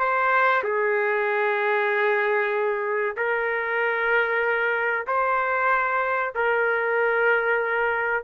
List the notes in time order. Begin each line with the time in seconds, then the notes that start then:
0.00 C5
0.64 G#4
3.17 A#4
5.08 C5
6.35 A#4